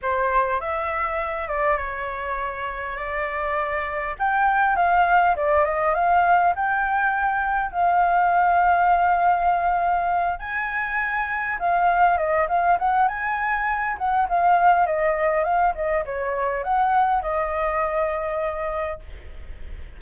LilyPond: \new Staff \with { instrumentName = "flute" } { \time 4/4 \tempo 4 = 101 c''4 e''4. d''8 cis''4~ | cis''4 d''2 g''4 | f''4 d''8 dis''8 f''4 g''4~ | g''4 f''2.~ |
f''4. gis''2 f''8~ | f''8 dis''8 f''8 fis''8 gis''4. fis''8 | f''4 dis''4 f''8 dis''8 cis''4 | fis''4 dis''2. | }